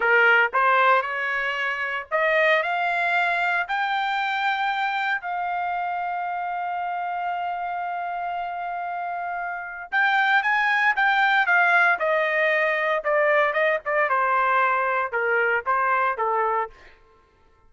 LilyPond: \new Staff \with { instrumentName = "trumpet" } { \time 4/4 \tempo 4 = 115 ais'4 c''4 cis''2 | dis''4 f''2 g''4~ | g''2 f''2~ | f''1~ |
f''2. g''4 | gis''4 g''4 f''4 dis''4~ | dis''4 d''4 dis''8 d''8 c''4~ | c''4 ais'4 c''4 a'4 | }